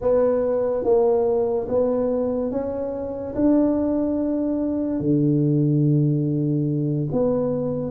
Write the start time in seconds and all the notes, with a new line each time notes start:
0.01 B3
0.83 A#3
1.68 B3
2.51 C#4
3.35 D4
5.00 D3
7.11 B3